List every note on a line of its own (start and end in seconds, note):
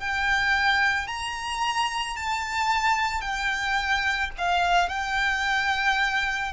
0.00 1.07 G5
1.07 2.16 A#5
2.17 3.21 A5
3.21 4.30 G5
4.38 4.88 F5
4.88 6.52 G5